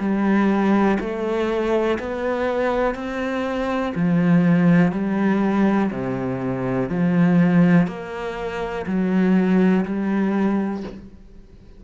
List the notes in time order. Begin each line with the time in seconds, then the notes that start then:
0.00 G3
1.00 A3
1.99 B3
2.95 C4
3.95 F3
4.92 G3
5.91 C3
6.89 F3
7.87 A#3
8.87 F#3
9.85 G3